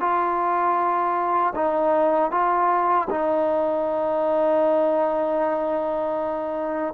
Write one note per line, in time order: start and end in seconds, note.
0.00 1.54 F4
1.55 2.31 D#4
2.31 3.08 F4
3.10 6.94 D#4